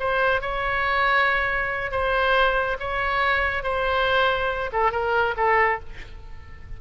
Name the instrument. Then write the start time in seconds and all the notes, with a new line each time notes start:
oboe
0.00 C5
0.42 C#5
1.92 C5
2.80 C#5
3.64 C5
4.73 A4
4.92 A#4
5.37 A4